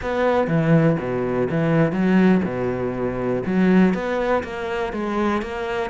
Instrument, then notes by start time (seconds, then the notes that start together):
cello
0.02 B3
0.47 E3
0.99 B2
1.50 E3
1.92 F#3
2.44 B2
3.46 F#3
3.93 B3
4.43 A#3
4.92 G#3
5.41 A#3